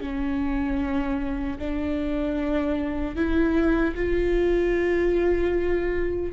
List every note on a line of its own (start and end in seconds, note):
0.00 1.58 C#4
1.58 3.15 D4
3.15 3.94 E4
3.95 6.32 F4